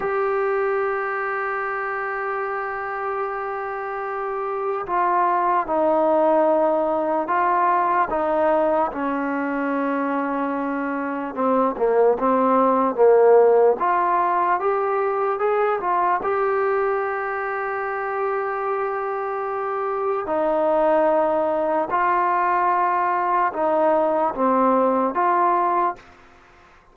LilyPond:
\new Staff \with { instrumentName = "trombone" } { \time 4/4 \tempo 4 = 74 g'1~ | g'2 f'4 dis'4~ | dis'4 f'4 dis'4 cis'4~ | cis'2 c'8 ais8 c'4 |
ais4 f'4 g'4 gis'8 f'8 | g'1~ | g'4 dis'2 f'4~ | f'4 dis'4 c'4 f'4 | }